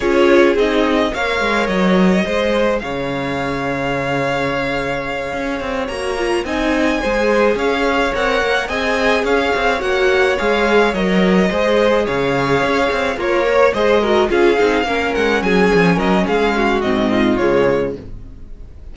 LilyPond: <<
  \new Staff \with { instrumentName = "violin" } { \time 4/4 \tempo 4 = 107 cis''4 dis''4 f''4 dis''4~ | dis''4 f''2.~ | f''2~ f''8 ais''4 gis''8~ | gis''4. f''4 fis''4 gis''8~ |
gis''8 f''4 fis''4 f''4 dis''8~ | dis''4. f''2 cis''8~ | cis''8 dis''4 f''4. fis''8 gis''8~ | gis''8 dis''8 f''4 dis''4 cis''4 | }
  \new Staff \with { instrumentName = "violin" } { \time 4/4 gis'2 cis''2 | c''4 cis''2.~ | cis''2.~ cis''8 dis''8~ | dis''8 c''4 cis''2 dis''8~ |
dis''8 cis''2.~ cis''8~ | cis''8 c''4 cis''2 f'8 | cis''8 c''8 ais'8 gis'4 ais'4 gis'8~ | gis'8 ais'8 gis'8 fis'4 f'4. | }
  \new Staff \with { instrumentName = "viola" } { \time 4/4 f'4 dis'4 ais'2 | gis'1~ | gis'2~ gis'8 fis'8 f'8 dis'8~ | dis'8 gis'2 ais'4 gis'8~ |
gis'4. fis'4 gis'4 ais'8~ | ais'8 gis'2. ais'8~ | ais'8 gis'8 fis'8 f'8 dis'8 cis'4.~ | cis'2 c'4 gis4 | }
  \new Staff \with { instrumentName = "cello" } { \time 4/4 cis'4 c'4 ais8 gis8 fis4 | gis4 cis2.~ | cis4. cis'8 c'8 ais4 c'8~ | c'8 gis4 cis'4 c'8 ais8 c'8~ |
c'8 cis'8 c'8 ais4 gis4 fis8~ | fis8 gis4 cis4 cis'8 c'8 ais8~ | ais8 gis4 cis'8 c'8 ais8 gis8 fis8 | f8 fis8 gis4 gis,4 cis4 | }
>>